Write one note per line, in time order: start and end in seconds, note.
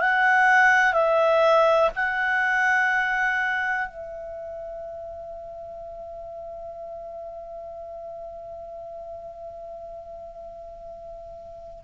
0.00 0.93 F#5
0.93 1.90 E5
1.95 3.88 F#5
3.88 11.84 E5